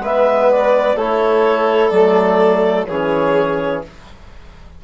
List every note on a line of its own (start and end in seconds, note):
0.00 0.95 G#3
0.00 0.98 B3
0.00 0.96 B4
0.00 0.51 E5
0.51 0.99 D5
0.96 1.91 A3
0.96 1.93 E4
0.96 2.87 A4
0.96 1.90 C#5
1.90 2.87 F#3
1.90 2.88 A3
1.90 2.85 D5
2.87 3.85 E3
2.87 3.85 C#4
2.87 3.84 G#4
2.87 3.82 C#5